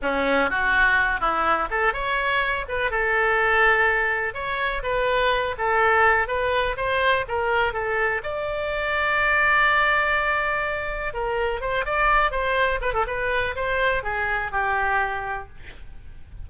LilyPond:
\new Staff \with { instrumentName = "oboe" } { \time 4/4 \tempo 4 = 124 cis'4 fis'4. e'4 a'8 | cis''4. b'8 a'2~ | a'4 cis''4 b'4. a'8~ | a'4 b'4 c''4 ais'4 |
a'4 d''2.~ | d''2. ais'4 | c''8 d''4 c''4 b'16 a'16 b'4 | c''4 gis'4 g'2 | }